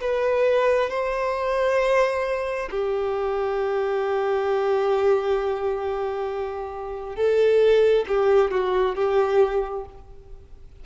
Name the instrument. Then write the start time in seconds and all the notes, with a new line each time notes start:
violin
0.00 B4
0.90 C5
2.70 G4
7.16 A4
8.08 G4
8.51 F#4
8.95 G4